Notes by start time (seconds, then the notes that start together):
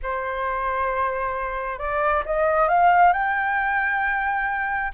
0.02 C5
1.78 D5
2.25 D#5
2.68 F5
3.12 G5